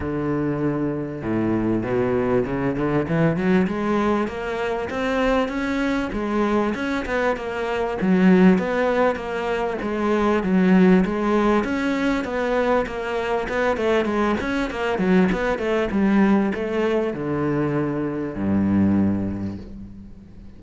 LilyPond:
\new Staff \with { instrumentName = "cello" } { \time 4/4 \tempo 4 = 98 d2 a,4 b,4 | cis8 d8 e8 fis8 gis4 ais4 | c'4 cis'4 gis4 cis'8 b8 | ais4 fis4 b4 ais4 |
gis4 fis4 gis4 cis'4 | b4 ais4 b8 a8 gis8 cis'8 | ais8 fis8 b8 a8 g4 a4 | d2 g,2 | }